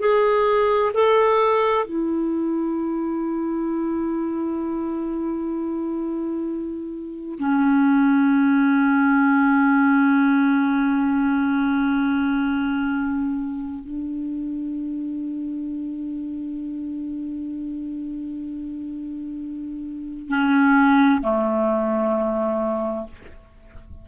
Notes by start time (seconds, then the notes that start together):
0.00 G#4
0.94 A4
1.85 E4
7.39 C#4
13.85 D4
20.29 C#4
21.22 A3